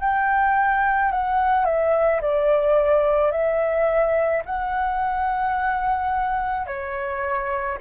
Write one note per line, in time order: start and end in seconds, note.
0.00 1.11 G5
1.11 1.65 F#5
1.65 2.20 E5
2.21 3.31 D5
3.31 4.42 E5
4.45 6.66 F#5
6.66 7.77 C#5